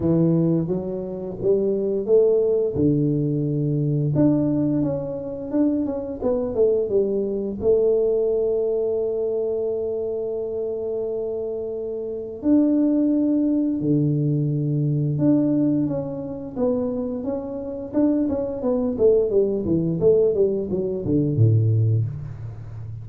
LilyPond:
\new Staff \with { instrumentName = "tuba" } { \time 4/4 \tempo 4 = 87 e4 fis4 g4 a4 | d2 d'4 cis'4 | d'8 cis'8 b8 a8 g4 a4~ | a1~ |
a2 d'2 | d2 d'4 cis'4 | b4 cis'4 d'8 cis'8 b8 a8 | g8 e8 a8 g8 fis8 d8 a,4 | }